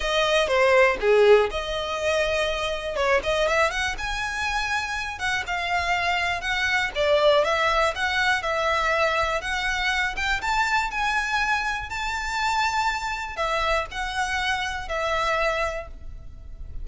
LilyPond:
\new Staff \with { instrumentName = "violin" } { \time 4/4 \tempo 4 = 121 dis''4 c''4 gis'4 dis''4~ | dis''2 cis''8 dis''8 e''8 fis''8 | gis''2~ gis''8 fis''8 f''4~ | f''4 fis''4 d''4 e''4 |
fis''4 e''2 fis''4~ | fis''8 g''8 a''4 gis''2 | a''2. e''4 | fis''2 e''2 | }